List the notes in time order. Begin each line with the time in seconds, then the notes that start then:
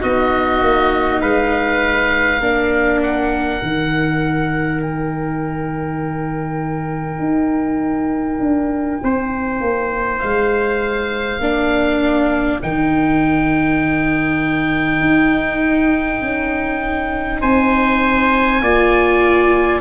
0.00 B3 D#4 F#4 D#5
0.61 A#3
1.21 G#3 B4 F5
2.40 A#3 D4 A#4
3.03 F#5
3.60 D#3 D#4
4.82 G5
7.19 D#4
8.39 D4
9.03 C4 C5
9.60 A#3
10.19 G#3 F5
11.39 A#3 D4 A#4
12.62 D#3 D#4 G5
15.00 D#4
16.21 C#4
17.41 C4 C5 G#5
18.61 A#3 F4 D5